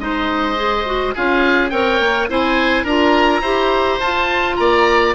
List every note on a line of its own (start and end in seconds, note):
0.00 1.15 G#3
0.00 0.56 D#4
0.00 1.15 C5
0.00 1.15 D#5
0.56 0.85 G#4
0.86 1.14 F#4
1.15 1.72 C#4
1.15 1.71 F4
1.15 1.72 G#4
1.15 1.70 F5
1.70 2.00 C4
1.70 2.28 A#4
1.70 2.29 C#5
1.70 2.27 G5
2.00 2.29 A#3
2.29 2.85 C4
2.29 2.87 E4
2.29 2.84 C5
2.29 2.87 G#5
2.84 3.41 D4
2.84 3.44 F4
2.84 3.41 A#4
2.84 4.01 A#5
3.41 3.98 E4
3.41 4.01 G4
3.41 4.56 C5
4.00 4.57 F4
4.00 5.15 F4
4.00 4.56 A5
4.56 5.15 A#3
4.56 5.15 D5
4.56 5.13 A#5